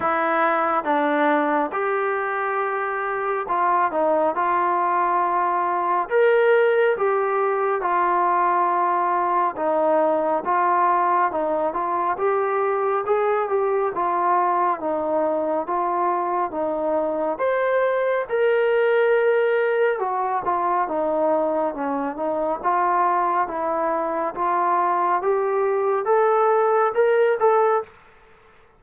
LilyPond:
\new Staff \with { instrumentName = "trombone" } { \time 4/4 \tempo 4 = 69 e'4 d'4 g'2 | f'8 dis'8 f'2 ais'4 | g'4 f'2 dis'4 | f'4 dis'8 f'8 g'4 gis'8 g'8 |
f'4 dis'4 f'4 dis'4 | c''4 ais'2 fis'8 f'8 | dis'4 cis'8 dis'8 f'4 e'4 | f'4 g'4 a'4 ais'8 a'8 | }